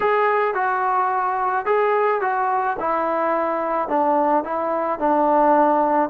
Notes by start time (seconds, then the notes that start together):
0.00 G#4
0.54 F#4
1.65 G#4
2.21 F#4
2.79 E4
3.88 D4
4.44 E4
4.98 D4